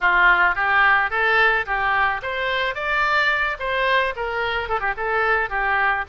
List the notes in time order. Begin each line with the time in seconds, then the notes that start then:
0.00 F4
0.55 G4
1.10 A4
1.66 G4
2.22 C5
2.74 D5
3.59 C5
4.16 A#4
4.68 A4
4.79 G4
4.96 A4
5.49 G4